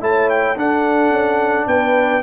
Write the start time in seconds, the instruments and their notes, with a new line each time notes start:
0.00 tuba A3, trombone E4, horn C#5, trumpet A5
0.30 trumpet G5
0.56 tuba D4, trombone D4, horn A4, trumpet F#5
1.11 tuba C#4
1.67 tuba B3, horn B4, trumpet G5